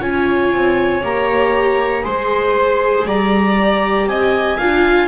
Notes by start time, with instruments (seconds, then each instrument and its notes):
0.00 double bass C#4, viola F4, violin C#5, clarinet G#5
0.52 double bass C4
1.03 double bass A#3, viola G4, clarinet A#5
2.03 double bass G#3, viola G#4, violin C5, clarinet C6
3.06 double bass G3, violin D5, clarinet A#5
3.60 viola G4
4.06 double bass C4, violin D#5, clarinet G#5
4.58 double bass D4, viola F4, violin F5